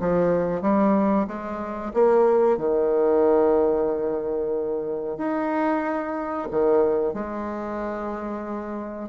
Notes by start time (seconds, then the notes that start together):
0.00 F3
0.62 G3
1.28 G#3
1.94 A#3
2.58 D#3
5.18 D#4
6.51 D#3
7.14 G#3